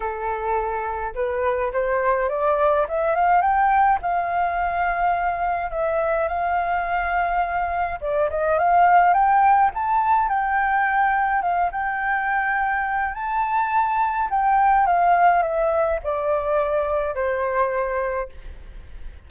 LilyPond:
\new Staff \with { instrumentName = "flute" } { \time 4/4 \tempo 4 = 105 a'2 b'4 c''4 | d''4 e''8 f''8 g''4 f''4~ | f''2 e''4 f''4~ | f''2 d''8 dis''8 f''4 |
g''4 a''4 g''2 | f''8 g''2~ g''8 a''4~ | a''4 g''4 f''4 e''4 | d''2 c''2 | }